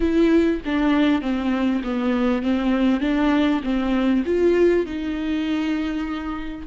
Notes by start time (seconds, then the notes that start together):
0.00 E4
0.65 D4
1.21 C4
1.83 B3
2.42 C4
3.00 D4
3.63 C4
4.25 F4
4.86 D#4